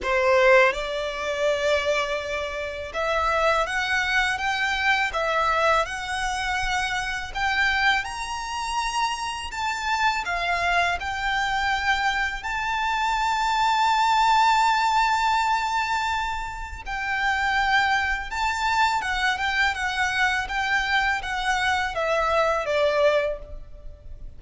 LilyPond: \new Staff \with { instrumentName = "violin" } { \time 4/4 \tempo 4 = 82 c''4 d''2. | e''4 fis''4 g''4 e''4 | fis''2 g''4 ais''4~ | ais''4 a''4 f''4 g''4~ |
g''4 a''2.~ | a''2. g''4~ | g''4 a''4 fis''8 g''8 fis''4 | g''4 fis''4 e''4 d''4 | }